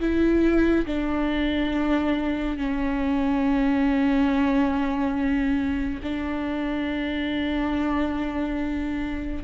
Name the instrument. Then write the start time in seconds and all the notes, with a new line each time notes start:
viola
0.00 E4
0.86 D4
2.57 C#4
6.03 D4